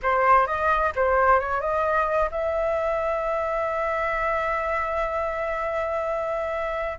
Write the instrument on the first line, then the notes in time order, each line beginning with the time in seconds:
flute
0.02 C5
0.46 D#5
0.95 C5
1.39 C#5
1.61 D#5
2.31 E5